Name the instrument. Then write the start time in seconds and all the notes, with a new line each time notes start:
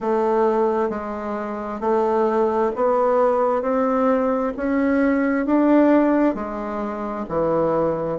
bassoon
0.00 A3
0.89 G#3
1.80 A3
2.75 B3
3.62 C4
4.56 C#4
5.45 D4
6.34 G#3
7.29 E3